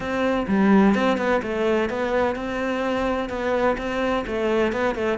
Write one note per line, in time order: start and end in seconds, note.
0.00 0.46 C4
0.47 0.94 G3
0.94 1.17 C4
1.17 1.41 B3
1.42 1.89 A3
1.89 2.35 B3
2.35 3.29 C4
3.29 3.76 B3
3.77 4.24 C4
4.26 4.72 A3
4.72 4.95 B3
4.95 5.17 A3